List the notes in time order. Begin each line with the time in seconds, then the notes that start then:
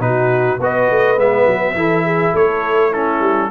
0.00 B2 D#4 F#4 B4
0.59 B3 F#4 B4 D#5
0.91 A3
1.17 G#3 B3 E5
1.47 F#3
1.75 E3 E4 A4
2.04 G#4
2.33 A3 A4 C#5
2.92 C#4 E4 A4
3.21 G3